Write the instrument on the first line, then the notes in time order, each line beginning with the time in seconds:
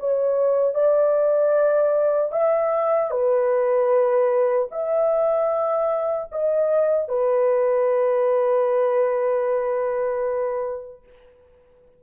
horn
0.00 C#5
0.75 D5
2.32 E5
3.11 B4
4.72 E5
6.32 D#5
7.09 B4